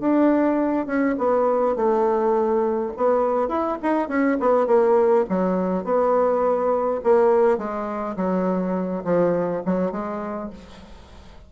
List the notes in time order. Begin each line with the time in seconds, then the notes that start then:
0.00 D4
0.87 C#4
1.18 B3
1.76 A3
2.97 B3
3.49 E4
3.83 D#4
4.09 C#4
4.40 B3
4.67 A#3
5.29 F#3
5.85 B3
7.04 A#3
7.58 G#3
8.17 F#3
9.05 F3
9.66 F#3
9.92 G#3